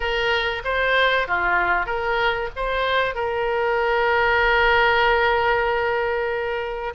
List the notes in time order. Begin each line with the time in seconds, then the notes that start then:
0.00 A#4
0.64 C5
1.27 F4
1.86 A#4
2.56 C5
3.14 A#4